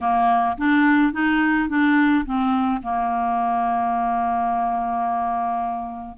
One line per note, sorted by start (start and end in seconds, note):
0.00 0.56 A#3
0.57 1.12 D4
1.12 1.68 D#4
1.68 2.24 D4
2.25 2.81 C4
2.82 6.17 A#3